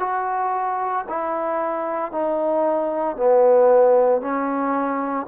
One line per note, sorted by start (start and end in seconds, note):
0.00 1.05 F#4
1.10 2.12 E4
2.12 3.17 D#4
3.17 4.22 B3
4.22 5.27 C#4